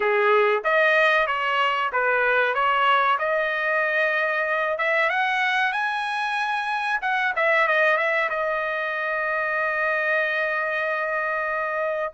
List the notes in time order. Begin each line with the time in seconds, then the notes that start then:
0.00 G#4
0.64 D#5
1.26 C#5
1.92 B4
2.54 C#5
3.18 D#5
4.78 E5
5.09 F#5
5.72 G#5
7.01 F#5
7.35 E5
7.67 D#5
7.97 E5
8.29 D#5